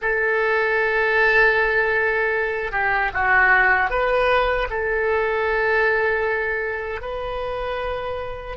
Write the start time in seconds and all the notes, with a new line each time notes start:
0.01 A4
2.71 G4
3.13 F#4
3.90 B4
4.70 A4
7.01 B4